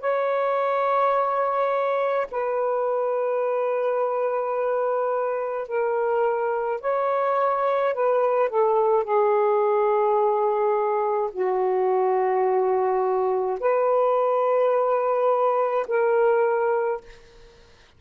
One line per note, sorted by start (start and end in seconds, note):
0.00 2.26 C#5
2.31 5.68 B4
5.68 6.80 A#4
6.80 7.93 C#5
7.93 8.49 B4
8.49 9.03 A4
9.03 11.30 G#4
11.32 13.58 F#4
13.60 15.86 B4
15.87 17.00 A#4